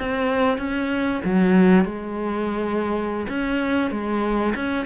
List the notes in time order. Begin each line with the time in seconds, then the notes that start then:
0.00 C4
0.58 C#4
1.25 F#3
1.85 G#3
3.29 C#4
3.91 G#3
4.56 C#4